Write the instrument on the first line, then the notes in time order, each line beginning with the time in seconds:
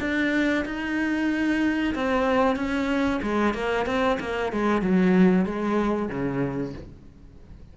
cello
0.00 D4
0.65 D#4
1.95 C4
2.56 C#4
3.22 G#3
3.54 A#3
3.86 C4
4.20 A#3
4.52 G#3
4.82 F#3
5.45 G#3
6.09 C#3